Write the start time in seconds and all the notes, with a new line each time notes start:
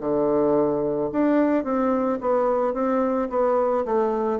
0.00 D3
1.12 D4
1.64 C4
2.21 B3
2.74 C4
3.30 B3
3.85 A3